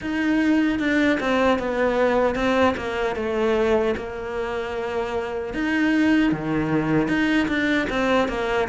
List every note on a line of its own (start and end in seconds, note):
0.01 0.79 D#4
0.79 1.18 D4
1.20 1.58 C4
1.58 2.35 B3
2.35 2.74 C4
2.76 3.15 A#3
3.15 3.94 A3
3.96 5.54 A#3
5.54 6.32 D#4
6.32 7.07 D#3
7.07 7.47 D#4
7.48 7.87 D4
7.89 8.28 C4
8.28 8.68 A#3